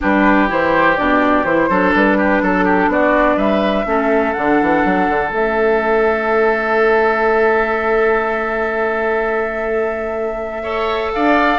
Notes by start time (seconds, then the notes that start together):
0.00 G3 D4 G4 B4
0.48 E3 E4 C5
0.96 B2 D4 D5
1.44 E3 E4 C5
1.69 F#3 D4 A4
1.94 G3 B4
2.17 G4
2.42 F#3 A4
2.64 G4
2.87 B3 F#4 D5
3.36 G3 B4 E5
3.85 A3 C#4 A4
4.33 D3 D4 F#5
4.61 E3
4.84 F#3
5.09 D3
5.31 A3 C#4 E5
10.62 A4 C#5
11.12 D4 D5 F5